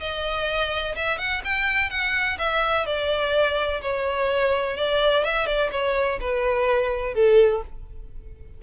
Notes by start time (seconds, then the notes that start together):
0.00 D#5
0.95 E5
1.18 F#5
1.44 G5
1.90 F#5
2.39 E5
2.86 D5
3.81 C#5
4.77 D5
5.24 E5
5.46 D5
5.72 C#5
6.21 B4
7.15 A4